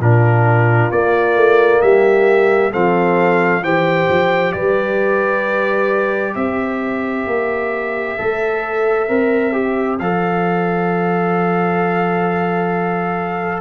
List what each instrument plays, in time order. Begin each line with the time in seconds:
0.00 tuba A#2, trombone D4, horn F4, trumpet A#4
0.92 tuba A#3, trombone A#3, trumpet D5
1.36 tuba A3
1.82 tuba G3, horn G4, trumpet E5
2.72 tuba F3, trombone C4, horn A4, trumpet F5
3.62 tuba E3, trombone G4, horn C5, trumpet G5
4.09 tuba F3
4.52 tuba G3, horn B4, trumpet D5
6.34 tuba C4, horn C5, trumpet E5
7.27 tuba A#3
8.18 tuba A3, trombone A4
9.08 tuba C4, trombone A#4
9.53 trombone G4
9.99 tuba F3, trombone A4, trumpet F5